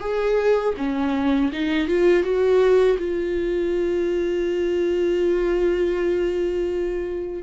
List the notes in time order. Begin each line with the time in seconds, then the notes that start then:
0.00 G#4
0.77 C#4
1.52 D#4
1.88 F4
2.23 F#4
2.98 F4